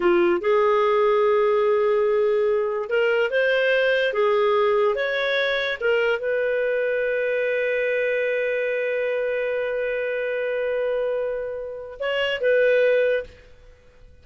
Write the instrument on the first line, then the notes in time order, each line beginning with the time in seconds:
clarinet
0.00 F4
0.40 G#4
2.89 A#4
3.30 C5
4.13 G#4
4.95 C#5
5.80 A#4
6.19 B4
11.99 C#5
12.40 B4